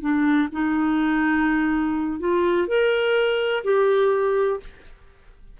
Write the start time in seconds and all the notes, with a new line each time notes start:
0.00 D4
0.51 D#4
2.19 F4
2.67 A#4
3.64 G4